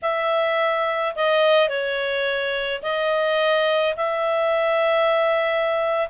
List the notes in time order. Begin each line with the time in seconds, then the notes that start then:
0.02 E5
1.15 D#5
1.68 C#5
2.82 D#5
3.96 E5